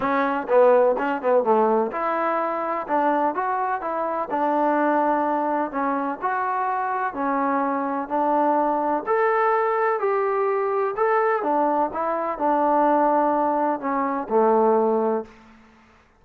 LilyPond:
\new Staff \with { instrumentName = "trombone" } { \time 4/4 \tempo 4 = 126 cis'4 b4 cis'8 b8 a4 | e'2 d'4 fis'4 | e'4 d'2. | cis'4 fis'2 cis'4~ |
cis'4 d'2 a'4~ | a'4 g'2 a'4 | d'4 e'4 d'2~ | d'4 cis'4 a2 | }